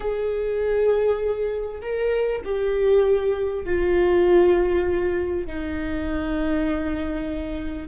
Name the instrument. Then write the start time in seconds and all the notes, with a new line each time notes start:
viola
0.00 G#4
1.81 A#4
2.44 G4
3.65 F4
5.46 D#4